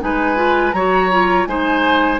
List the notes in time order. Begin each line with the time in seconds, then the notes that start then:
0.00 G#3 D#4 B4 G#5
0.35 F4
0.72 F#3 F#4 C#5 A#5
1.11 F4
1.46 G#3 D#4 C5 G#5